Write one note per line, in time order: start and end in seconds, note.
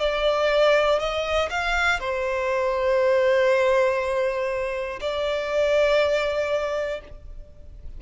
0.00 1.00 D5
1.00 1.50 D#5
1.51 2.00 F5
2.00 5.00 C5
5.01 7.01 D5